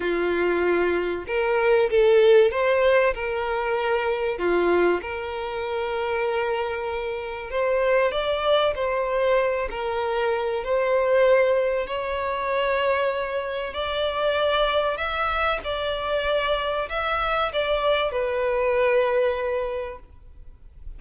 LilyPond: \new Staff \with { instrumentName = "violin" } { \time 4/4 \tempo 4 = 96 f'2 ais'4 a'4 | c''4 ais'2 f'4 | ais'1 | c''4 d''4 c''4. ais'8~ |
ais'4 c''2 cis''4~ | cis''2 d''2 | e''4 d''2 e''4 | d''4 b'2. | }